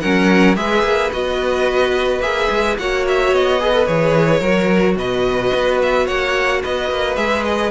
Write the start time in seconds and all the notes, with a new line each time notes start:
0.00 F#3 C#4 A#4 F#5
0.56 G#3 G#4 B4 E5
0.82 A#3
1.12 B3 F#4 D#5
2.20 A#3 G#4 E5
2.50 G#3
2.78 A#3 F#4 C#5 F#5
3.08 E5
3.32 B3 D#5
3.60 G#4 B4
3.73 A4
3.86 E3 G#4 C#5
4.40 F#3 F#4 A#4
4.96 B2 B4 D#5
5.54 B3
5.82 E5
6.05 A#3 C#5 F#5
6.63 B3 B4 D#5
6.90 A#3
7.16 G#3 G#4 E5
7.44 D#5